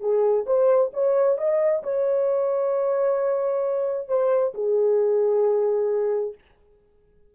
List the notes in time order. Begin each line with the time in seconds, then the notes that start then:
0.00 G#4
0.46 C5
0.93 C#5
1.37 D#5
1.83 C#5
4.08 C5
4.54 G#4